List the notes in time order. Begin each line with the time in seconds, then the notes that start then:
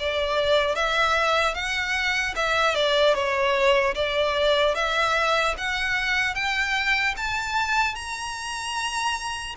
0.00 D5
0.75 E5
1.55 F#5
2.36 E5
2.75 D5
3.15 C#5
3.95 D5
4.75 E5
5.58 F#5
6.35 G5
7.17 A5
7.95 A#5